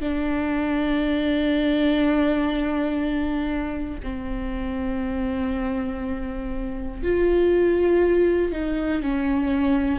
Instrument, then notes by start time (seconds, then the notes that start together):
viola
0.00 D4
4.03 C4
7.03 F4
8.52 D#4
9.02 C#4